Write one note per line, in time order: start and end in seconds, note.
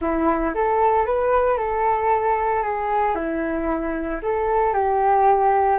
0.01 0.54 E4
0.54 1.06 A4
1.06 1.57 B4
1.57 2.62 A4
2.62 3.15 G#4
3.15 4.20 E4
4.22 4.73 A4
4.73 5.79 G4